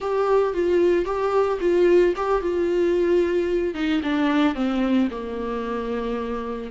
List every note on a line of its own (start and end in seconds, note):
0.00 0.53 G4
0.53 1.05 F4
1.05 1.58 G4
1.60 2.14 F4
2.16 2.41 G4
2.41 3.74 F4
3.74 4.01 D#4
4.03 4.54 D4
4.54 5.08 C4
5.10 6.71 A#3